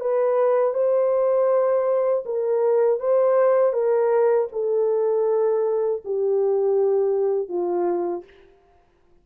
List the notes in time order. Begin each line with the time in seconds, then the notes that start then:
0.00 B4
0.74 C5
2.25 A#4
3.00 C5
3.73 A#4
4.52 A4
6.04 G4
7.49 F4